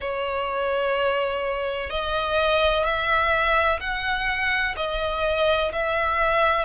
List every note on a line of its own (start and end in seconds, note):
0.00 1.90 C#5
1.90 2.84 D#5
2.84 3.79 E5
3.80 4.75 F#5
4.76 5.71 D#5
5.72 6.64 E5